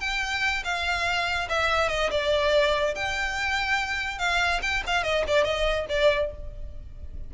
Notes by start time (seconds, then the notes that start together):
0.00 G5
0.64 F5
1.49 E5
1.89 D#5
2.10 D5
2.94 G5
4.18 F5
4.62 G5
4.86 F5
5.03 D#5
5.27 D5
5.44 D#5
5.89 D5